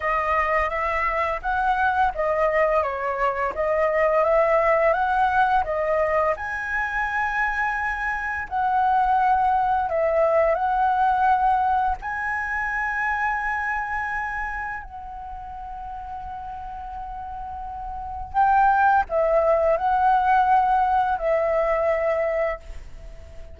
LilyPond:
\new Staff \with { instrumentName = "flute" } { \time 4/4 \tempo 4 = 85 dis''4 e''4 fis''4 dis''4 | cis''4 dis''4 e''4 fis''4 | dis''4 gis''2. | fis''2 e''4 fis''4~ |
fis''4 gis''2.~ | gis''4 fis''2.~ | fis''2 g''4 e''4 | fis''2 e''2 | }